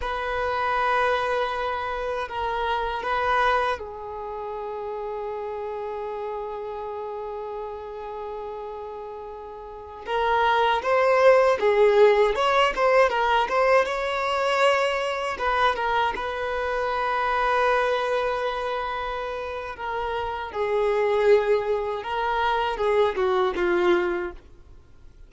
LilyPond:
\new Staff \with { instrumentName = "violin" } { \time 4/4 \tempo 4 = 79 b'2. ais'4 | b'4 gis'2.~ | gis'1~ | gis'4~ gis'16 ais'4 c''4 gis'8.~ |
gis'16 cis''8 c''8 ais'8 c''8 cis''4.~ cis''16~ | cis''16 b'8 ais'8 b'2~ b'8.~ | b'2 ais'4 gis'4~ | gis'4 ais'4 gis'8 fis'8 f'4 | }